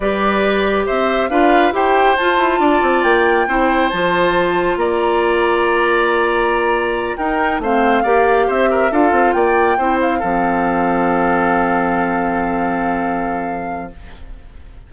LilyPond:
<<
  \new Staff \with { instrumentName = "flute" } { \time 4/4 \tempo 4 = 138 d''2 e''4 f''4 | g''4 a''2 g''4~ | g''4 a''2 ais''4~ | ais''1~ |
ais''8 g''4 f''2 e''8~ | e''8 f''4 g''4. f''4~ | f''1~ | f''1 | }
  \new Staff \with { instrumentName = "oboe" } { \time 4/4 b'2 c''4 b'4 | c''2 d''2 | c''2. d''4~ | d''1~ |
d''8 ais'4 c''4 d''4 c''8 | ais'8 a'4 d''4 c''4 a'8~ | a'1~ | a'1 | }
  \new Staff \with { instrumentName = "clarinet" } { \time 4/4 g'2. f'4 | g'4 f'2. | e'4 f'2.~ | f'1~ |
f'8 dis'4 c'4 g'4.~ | g'8 f'2 e'4 c'8~ | c'1~ | c'1 | }
  \new Staff \with { instrumentName = "bassoon" } { \time 4/4 g2 c'4 d'4 | e'4 f'8 e'8 d'8 c'8 ais4 | c'4 f2 ais4~ | ais1~ |
ais8 dis'4 a4 ais4 c'8~ | c'8 d'8 c'8 ais4 c'4 f8~ | f1~ | f1 | }
>>